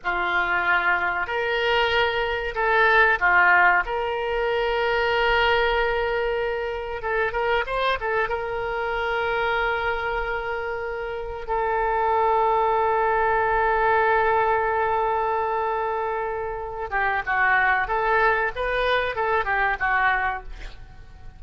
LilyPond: \new Staff \with { instrumentName = "oboe" } { \time 4/4 \tempo 4 = 94 f'2 ais'2 | a'4 f'4 ais'2~ | ais'2. a'8 ais'8 | c''8 a'8 ais'2.~ |
ais'2 a'2~ | a'1~ | a'2~ a'8 g'8 fis'4 | a'4 b'4 a'8 g'8 fis'4 | }